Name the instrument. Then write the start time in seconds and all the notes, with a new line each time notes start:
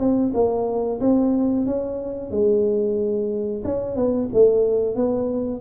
tuba
0.00 C4
0.34 A#3
1.01 C4
1.67 C#4
2.31 G#3
3.65 C#4
3.97 B3
4.34 A3
4.96 B3